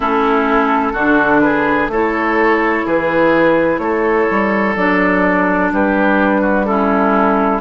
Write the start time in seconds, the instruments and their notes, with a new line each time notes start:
0.00 bassoon A3, clarinet C#4, oboe E4, flute A4
0.92 bassoon D3, clarinet D4, oboe F#4
1.40 oboe G#4, flute B4
1.87 bassoon A3, clarinet E4, oboe A4, flute C#5
2.85 bassoon E3, oboe G#4, flute B4
3.78 bassoon A3, oboe A4, flute C#5
4.30 bassoon G3
4.76 bassoon F#3, clarinet D4, flute D5
5.72 bassoon G3, oboe G4, flute B4
6.41 oboe F#4
6.65 clarinet C#4, oboe E4, flute A4